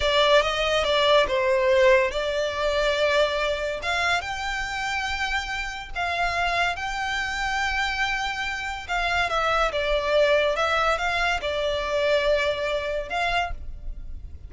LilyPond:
\new Staff \with { instrumentName = "violin" } { \time 4/4 \tempo 4 = 142 d''4 dis''4 d''4 c''4~ | c''4 d''2.~ | d''4 f''4 g''2~ | g''2 f''2 |
g''1~ | g''4 f''4 e''4 d''4~ | d''4 e''4 f''4 d''4~ | d''2. f''4 | }